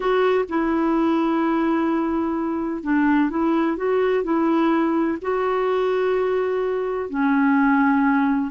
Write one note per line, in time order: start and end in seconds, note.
0.00 0.45 F#4
0.48 2.83 E4
2.83 3.29 D4
3.29 3.77 E4
3.77 4.23 F#4
4.23 5.18 E4
5.21 7.09 F#4
7.09 8.50 C#4